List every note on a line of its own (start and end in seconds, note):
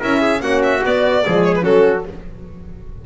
0.00 0.41 C#4
0.00 0.41 E4
0.00 0.20 A#4
0.00 0.42 E5
0.22 0.42 G#4
0.41 0.82 A#3
0.41 0.83 C#4
0.41 1.24 F#4
0.41 0.62 F#5
0.64 0.84 E5
0.84 1.24 B3
0.84 1.25 B3
0.84 1.44 D5
1.25 1.66 F3
1.25 1.62 G#3
1.25 1.64 G#4
1.44 1.54 C#5
1.55 1.64 B4
1.62 2.06 F#3
1.62 2.02 C#4
1.62 2.04 F#4
1.62 2.05 A4